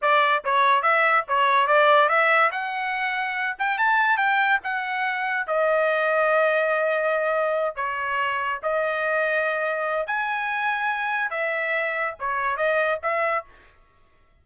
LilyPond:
\new Staff \with { instrumentName = "trumpet" } { \time 4/4 \tempo 4 = 143 d''4 cis''4 e''4 cis''4 | d''4 e''4 fis''2~ | fis''8 g''8 a''4 g''4 fis''4~ | fis''4 dis''2.~ |
dis''2~ dis''8 cis''4.~ | cis''8 dis''2.~ dis''8 | gis''2. e''4~ | e''4 cis''4 dis''4 e''4 | }